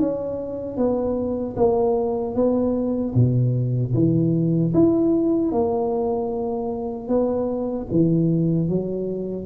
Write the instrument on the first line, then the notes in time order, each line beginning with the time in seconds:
tuba
0.00 C#4
0.77 B3
1.56 A#3
2.35 B3
3.15 B2
3.94 E3
4.74 E4
5.52 A#3
7.08 B3
7.91 E3
8.69 F#3